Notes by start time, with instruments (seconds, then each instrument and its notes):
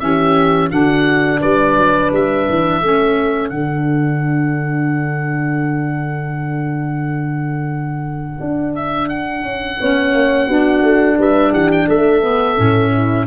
0.00 tuba E3, saxophone C#4, horn G4, oboe E5
0.70 tuba D3, saxophone D4, horn F#4, oboe F#5
1.40 tuba G3, horn B4, oboe D5
1.76 tuba F#3
2.12 tuba G3, oboe E5
2.49 tuba E3
2.80 tuba A3, saxophone C#4, horn A4
3.50 tuba D3, saxophone D4, oboe F#5
8.41 tuba D4
8.75 oboe E5
9.09 oboe F#5
9.43 tuba C#4
9.80 tuba B3, saxophone C#4, horn C#5
10.14 tuba A#3
10.47 tuba B3, saxophone D4, horn F#4
10.82 tuba A3
11.18 tuba G3, horn B4, oboe E5
11.51 tuba E3, horn G4, oboe F#5
11.72 oboe G5
11.88 tuba A3, horn A4, oboe E5
12.23 saxophone B3
12.57 tuba A2, saxophone C#4
12.94 horn E4